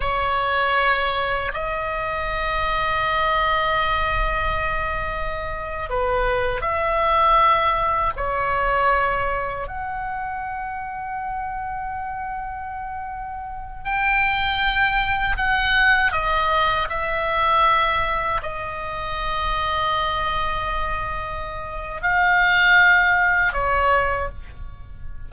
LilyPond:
\new Staff \with { instrumentName = "oboe" } { \time 4/4 \tempo 4 = 79 cis''2 dis''2~ | dis''2.~ dis''8. b'16~ | b'8. e''2 cis''4~ cis''16~ | cis''8. fis''2.~ fis''16~ |
fis''2~ fis''16 g''4.~ g''16~ | g''16 fis''4 dis''4 e''4.~ e''16~ | e''16 dis''2.~ dis''8.~ | dis''4 f''2 cis''4 | }